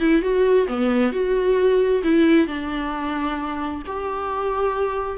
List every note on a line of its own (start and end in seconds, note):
0.00 0.22 E4
0.22 0.67 F#4
0.67 1.12 B3
1.12 2.02 F#4
2.03 2.47 E4
2.47 3.82 D4
3.86 5.18 G4